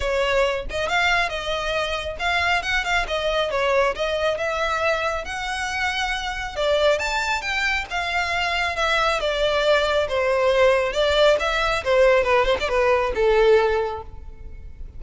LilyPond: \new Staff \with { instrumentName = "violin" } { \time 4/4 \tempo 4 = 137 cis''4. dis''8 f''4 dis''4~ | dis''4 f''4 fis''8 f''8 dis''4 | cis''4 dis''4 e''2 | fis''2. d''4 |
a''4 g''4 f''2 | e''4 d''2 c''4~ | c''4 d''4 e''4 c''4 | b'8 c''16 d''16 b'4 a'2 | }